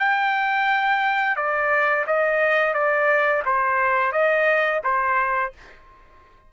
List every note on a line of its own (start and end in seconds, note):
0.00 1.37 G5
1.37 2.06 D5
2.07 2.74 D#5
2.74 3.43 D5
3.46 4.13 C5
4.13 4.82 D#5
4.84 5.53 C5